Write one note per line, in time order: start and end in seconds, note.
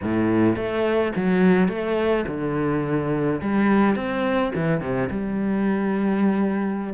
0.02 0.55 A2
0.55 1.12 A3
1.16 1.68 F#3
1.68 2.25 A3
2.27 3.40 D3
3.41 3.95 G3
3.95 4.52 C4
4.54 4.80 E3
4.80 5.09 C3
5.10 6.93 G3